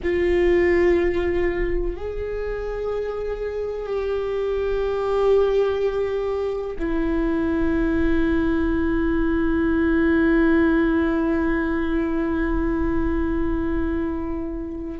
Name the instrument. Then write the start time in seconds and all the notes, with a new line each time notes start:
viola
0.03 F4
1.96 G#4
3.86 G4
6.78 E4